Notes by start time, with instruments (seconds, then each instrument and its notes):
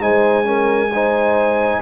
0.00 tuba G#3, trombone D#4, horn C5, trumpet G#5
0.45 trombone C#4, horn A#4
0.93 trombone D#4, horn C5